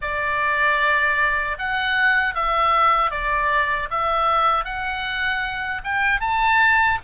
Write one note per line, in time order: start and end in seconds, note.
0.01 1.57 D5
1.58 2.34 F#5
2.34 3.11 E5
3.11 3.89 D5
3.90 4.64 E5
4.64 5.81 F#5
5.83 6.20 G5
6.20 6.98 A5